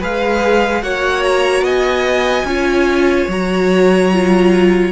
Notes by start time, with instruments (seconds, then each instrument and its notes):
0.00 cello G#3, viola G#4, violin B4 F5
0.83 cello A#3, viola F#4, violin C#5 F#5
1.23 violin A#5
1.62 cello B3, violin D#5 G#5
2.44 cello C#4, viola F4, violin C#5
3.28 cello F#3, viola F#4, violin A#5
4.13 viola F4